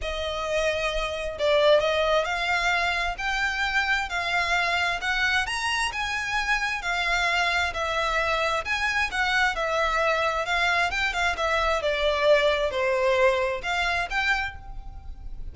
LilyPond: \new Staff \with { instrumentName = "violin" } { \time 4/4 \tempo 4 = 132 dis''2. d''4 | dis''4 f''2 g''4~ | g''4 f''2 fis''4 | ais''4 gis''2 f''4~ |
f''4 e''2 gis''4 | fis''4 e''2 f''4 | g''8 f''8 e''4 d''2 | c''2 f''4 g''4 | }